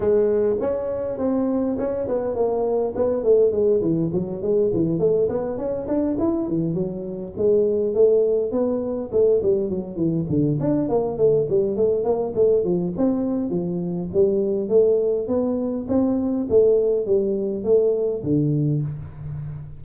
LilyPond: \new Staff \with { instrumentName = "tuba" } { \time 4/4 \tempo 4 = 102 gis4 cis'4 c'4 cis'8 b8 | ais4 b8 a8 gis8 e8 fis8 gis8 | e8 a8 b8 cis'8 d'8 e'8 e8 fis8~ | fis8 gis4 a4 b4 a8 |
g8 fis8 e8 d8 d'8 ais8 a8 g8 | a8 ais8 a8 f8 c'4 f4 | g4 a4 b4 c'4 | a4 g4 a4 d4 | }